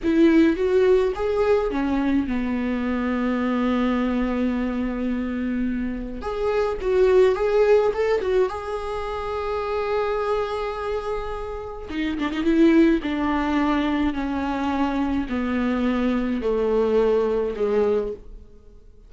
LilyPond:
\new Staff \with { instrumentName = "viola" } { \time 4/4 \tempo 4 = 106 e'4 fis'4 gis'4 cis'4 | b1~ | b2. gis'4 | fis'4 gis'4 a'8 fis'8 gis'4~ |
gis'1~ | gis'4 dis'8 d'16 dis'16 e'4 d'4~ | d'4 cis'2 b4~ | b4 a2 gis4 | }